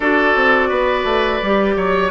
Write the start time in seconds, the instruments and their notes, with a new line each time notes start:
0.00 bassoon D4, clarinet F#4, oboe A4, flute D5
0.35 bassoon C4
0.69 bassoon B3, oboe B4
1.04 bassoon A3
1.42 bassoon G3, clarinet G4
1.76 bassoon F#3, oboe C#5